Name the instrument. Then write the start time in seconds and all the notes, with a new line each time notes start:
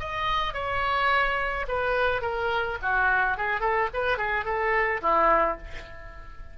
oboe
0.00 D#5
0.54 C#5
1.68 B4
2.22 A#4
2.82 F#4
3.37 G#4
3.61 A4
3.94 B4
4.18 G#4
4.45 A4
5.02 E4